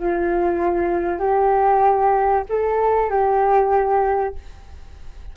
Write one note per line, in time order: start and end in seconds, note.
0.00 1.20 F4
1.20 2.45 G4
2.50 3.11 A4
3.11 4.36 G4